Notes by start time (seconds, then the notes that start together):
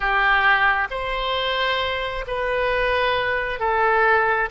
0.00 G4
0.90 C5
2.27 B4
3.59 A4